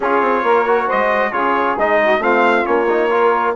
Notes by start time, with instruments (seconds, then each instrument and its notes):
0.00 bassoon C#4, trombone F4, saxophone G#4, trumpet C#5
0.21 bassoon C4
0.43 bassoon A#3, saxophone A#4
0.65 trombone F#4
0.86 saxophone C5, trumpet D#5
0.93 bassoon G#3
1.32 bassoon C#3, trombone F4, saxophone G#4, trumpet C#5
1.77 bassoon G#3, trombone D#4, trumpet D#5
2.02 saxophone F#4
2.18 bassoon A3, trombone C4, saxophone F4, trumpet F5
2.64 bassoon A#3, trombone C#4, trumpet C#5
2.89 trombone D#4
3.10 trombone F4, saxophone A#4